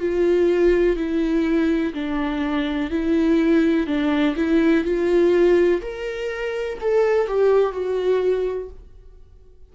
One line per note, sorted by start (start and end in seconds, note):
0.00 0.97 F4
0.97 1.94 E4
1.94 2.91 D4
2.91 3.87 E4
3.87 4.35 D4
4.36 4.85 E4
4.85 5.82 F4
5.82 6.78 A#4
6.81 7.27 A4
7.27 7.73 G4
7.73 8.70 F#4